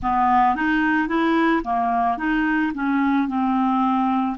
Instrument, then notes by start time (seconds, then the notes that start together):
clarinet
0.02 B3
0.55 D#4
1.08 E4
1.64 A#3
2.17 D#4
2.73 C#4
3.27 C4